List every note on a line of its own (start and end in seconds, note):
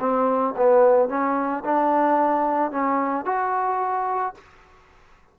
0.00 0.55 C4
0.57 1.09 B3
1.09 1.64 C#4
1.65 2.71 D4
2.71 3.26 C#4
3.26 4.35 F#4